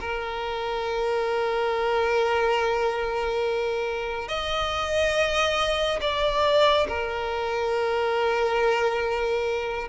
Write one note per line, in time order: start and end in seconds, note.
0.00 4.28 A#4
4.28 5.99 D#5
6.01 6.86 D5
6.88 9.88 A#4